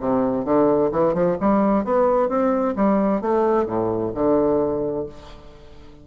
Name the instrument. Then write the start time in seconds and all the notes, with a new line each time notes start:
bassoon
0.00 C3
0.45 D3
0.91 E3
1.14 F3
1.40 G3
1.84 B3
2.29 C4
2.76 G3
3.21 A3
3.66 A2
4.14 D3